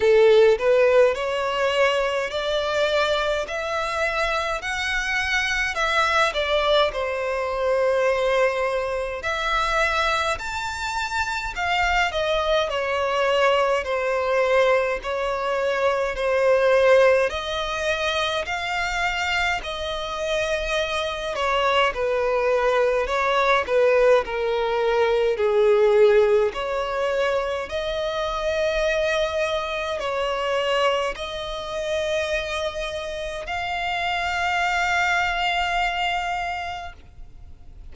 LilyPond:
\new Staff \with { instrumentName = "violin" } { \time 4/4 \tempo 4 = 52 a'8 b'8 cis''4 d''4 e''4 | fis''4 e''8 d''8 c''2 | e''4 a''4 f''8 dis''8 cis''4 | c''4 cis''4 c''4 dis''4 |
f''4 dis''4. cis''8 b'4 | cis''8 b'8 ais'4 gis'4 cis''4 | dis''2 cis''4 dis''4~ | dis''4 f''2. | }